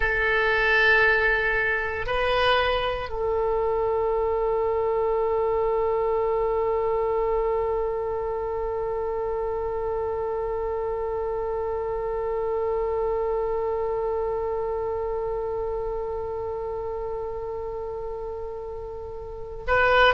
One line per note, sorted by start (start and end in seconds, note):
0.00 2.06 A4
2.06 3.09 B4
3.09 19.65 A4
19.67 20.14 B4